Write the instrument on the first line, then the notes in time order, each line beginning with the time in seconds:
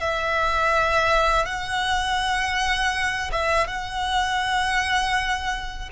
violin
0.00 E5
1.45 F#5
3.31 E5
3.67 F#5